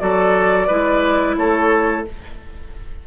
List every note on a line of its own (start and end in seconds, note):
0.00 0.70 F#3
0.00 0.69 F#4
0.00 0.68 A4
0.00 1.36 D5
0.68 1.37 G#3
0.68 2.06 E4
0.68 1.36 B4
1.37 2.05 A3
1.37 2.07 A4
1.37 2.05 C#5